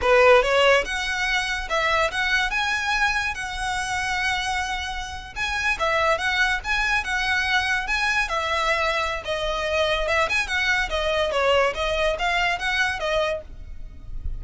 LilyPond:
\new Staff \with { instrumentName = "violin" } { \time 4/4 \tempo 4 = 143 b'4 cis''4 fis''2 | e''4 fis''4 gis''2 | fis''1~ | fis''8. gis''4 e''4 fis''4 gis''16~ |
gis''8. fis''2 gis''4 e''16~ | e''2 dis''2 | e''8 gis''8 fis''4 dis''4 cis''4 | dis''4 f''4 fis''4 dis''4 | }